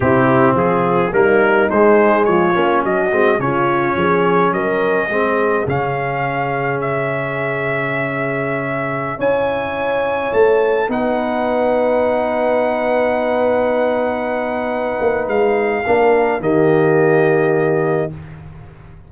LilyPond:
<<
  \new Staff \with { instrumentName = "trumpet" } { \time 4/4 \tempo 4 = 106 g'4 gis'4 ais'4 c''4 | cis''4 dis''4 cis''2 | dis''2 f''2 | e''1~ |
e''16 gis''2 a''4 fis''8.~ | fis''1~ | fis''2. f''4~ | f''4 dis''2. | }
  \new Staff \with { instrumentName = "horn" } { \time 4/4 e'4 f'4 dis'2 | f'4 fis'4 f'4 gis'4 | ais'4 gis'2.~ | gis'1~ |
gis'16 cis''2. b'8.~ | b'1~ | b'1 | ais'4 g'2. | }
  \new Staff \with { instrumentName = "trombone" } { \time 4/4 c'2 ais4 gis4~ | gis8 cis'4 c'8 cis'2~ | cis'4 c'4 cis'2~ | cis'1~ |
cis'16 e'2. dis'8.~ | dis'1~ | dis'1 | d'4 ais2. | }
  \new Staff \with { instrumentName = "tuba" } { \time 4/4 c4 f4 g4 gis4 | f8 ais8 fis8 gis8 cis4 f4 | fis4 gis4 cis2~ | cis1~ |
cis16 cis'2 a4 b8.~ | b1~ | b2~ b8 ais8 gis4 | ais4 dis2. | }
>>